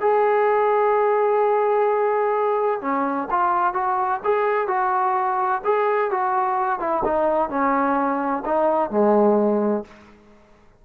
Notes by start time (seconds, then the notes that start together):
0.00 G#4
2.81 C#4
3.30 F4
3.73 F#4
4.24 G#4
4.67 F#4
5.64 G#4
6.10 F#4
6.79 E4
7.04 D#4
7.49 C#4
8.45 D#4
8.90 G#3